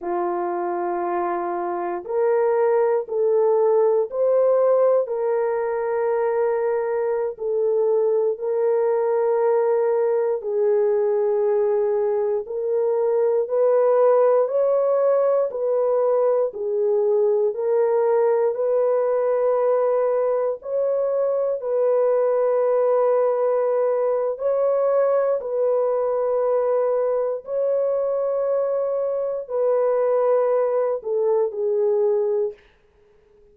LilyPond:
\new Staff \with { instrumentName = "horn" } { \time 4/4 \tempo 4 = 59 f'2 ais'4 a'4 | c''4 ais'2~ ais'16 a'8.~ | a'16 ais'2 gis'4.~ gis'16~ | gis'16 ais'4 b'4 cis''4 b'8.~ |
b'16 gis'4 ais'4 b'4.~ b'16~ | b'16 cis''4 b'2~ b'8. | cis''4 b'2 cis''4~ | cis''4 b'4. a'8 gis'4 | }